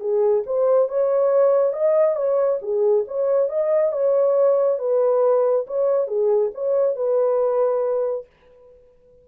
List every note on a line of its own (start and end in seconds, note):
0.00 0.43 G#4
0.46 0.88 C5
0.88 1.72 C#5
1.72 2.15 D#5
2.15 2.59 C#5
2.61 3.05 G#4
3.07 3.48 C#5
3.48 3.92 D#5
3.92 4.78 C#5
4.78 5.65 B4
5.67 6.07 C#5
6.07 6.50 G#4
6.54 6.95 C#5
6.95 8.26 B4